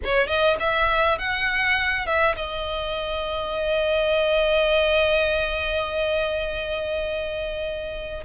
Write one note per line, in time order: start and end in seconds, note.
0.04 0.27 C#5
0.27 0.56 D#5
0.59 1.18 E5
1.18 2.06 F#5
2.06 2.35 E5
2.35 8.24 D#5